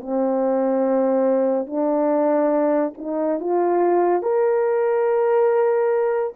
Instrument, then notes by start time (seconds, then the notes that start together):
horn
0.00 C4
1.66 D4
2.97 D#4
3.40 F4
4.22 A#4